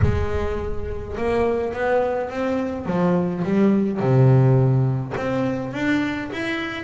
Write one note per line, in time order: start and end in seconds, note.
0.02 1.16 G#3
1.17 1.73 A#3
1.73 2.30 B3
2.30 2.86 C4
2.86 3.43 F3
3.44 3.99 G3
3.99 5.14 C3
5.16 5.73 C4
5.73 6.30 D4
6.32 6.84 E4